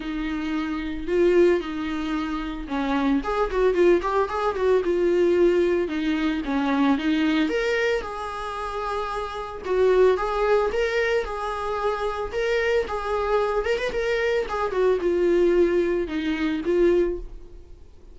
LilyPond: \new Staff \with { instrumentName = "viola" } { \time 4/4 \tempo 4 = 112 dis'2 f'4 dis'4~ | dis'4 cis'4 gis'8 fis'8 f'8 g'8 | gis'8 fis'8 f'2 dis'4 | cis'4 dis'4 ais'4 gis'4~ |
gis'2 fis'4 gis'4 | ais'4 gis'2 ais'4 | gis'4. ais'16 b'16 ais'4 gis'8 fis'8 | f'2 dis'4 f'4 | }